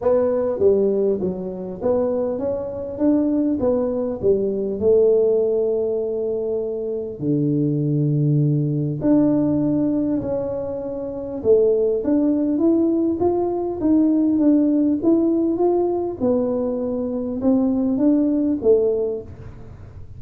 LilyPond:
\new Staff \with { instrumentName = "tuba" } { \time 4/4 \tempo 4 = 100 b4 g4 fis4 b4 | cis'4 d'4 b4 g4 | a1 | d2. d'4~ |
d'4 cis'2 a4 | d'4 e'4 f'4 dis'4 | d'4 e'4 f'4 b4~ | b4 c'4 d'4 a4 | }